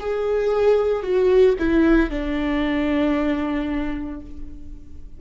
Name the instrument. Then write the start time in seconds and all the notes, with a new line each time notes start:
viola
0.00 G#4
1.03 F#4
1.59 E4
2.10 D4